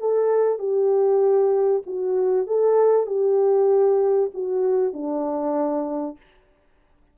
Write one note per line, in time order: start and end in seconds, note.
0.00 0.59 A4
0.59 1.83 G4
1.86 2.47 F#4
2.47 3.07 A4
3.07 4.30 G4
4.34 4.93 F#4
4.93 6.17 D4